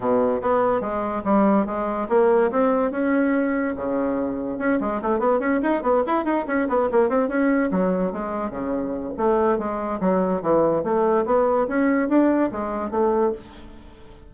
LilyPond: \new Staff \with { instrumentName = "bassoon" } { \time 4/4 \tempo 4 = 144 b,4 b4 gis4 g4 | gis4 ais4 c'4 cis'4~ | cis'4 cis2 cis'8 gis8 | a8 b8 cis'8 dis'8 b8 e'8 dis'8 cis'8 |
b8 ais8 c'8 cis'4 fis4 gis8~ | gis8 cis4. a4 gis4 | fis4 e4 a4 b4 | cis'4 d'4 gis4 a4 | }